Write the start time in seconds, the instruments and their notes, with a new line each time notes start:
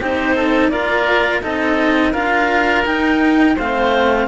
0.00 cello C4 D#4, oboe G4, clarinet C5
0.35 oboe A4
0.69 cello A#3 F4, oboe A#4, clarinet D5
1.42 cello C4 D#4, oboe A4, clarinet D#5
2.12 cello D4 F4, oboe A#4, clarinet F5
2.85 cello D#4, clarinet G5
3.55 cello A3 C4, oboe C5, clarinet F5